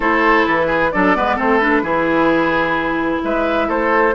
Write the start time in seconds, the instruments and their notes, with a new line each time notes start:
0.00 bassoon A3, clarinet E4, oboe A4, flute C5
0.46 bassoon E3, flute B4
0.66 oboe G#4
0.92 bassoon F#3, clarinet D4, oboe A4, flute D5
1.15 bassoon G#3, clarinet B3, oboe B4
1.36 bassoon A3, clarinet C4, oboe A4, flute C5
1.58 clarinet D4, flute B4
1.82 bassoon E3, clarinet E4, oboe G#4
3.23 bassoon G#3, oboe B4, flute E5
3.68 bassoon A3, oboe A4, flute C5